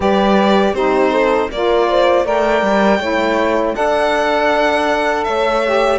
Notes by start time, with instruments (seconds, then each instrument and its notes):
0.00 cello G3, saxophone G4, horn B4, violin D5
0.73 cello C4, saxophone D#4, horn G4, violin C5
1.11 horn A4
1.50 cello A#3, saxophone F4, horn A#4, violin D5
1.89 horn C5
2.24 cello A3, saxophone A#4, horn D5, violin G5
2.61 cello G3
2.99 cello A3, saxophone E4, horn C#5
3.74 cello D4, saxophone A4, horn D5, violin F#5
5.23 cello A3, horn C#5, violin E5
5.65 saxophone G4